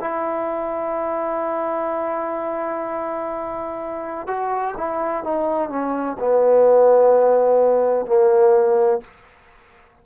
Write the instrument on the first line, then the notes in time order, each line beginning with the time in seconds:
trombone
0.00 E4
4.26 F#4
4.77 E4
5.23 D#4
5.69 C#4
6.19 B3
8.05 A#3